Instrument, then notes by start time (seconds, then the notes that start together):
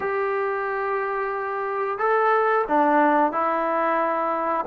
trombone
0.00 G4
1.98 A4
2.68 D4
3.32 E4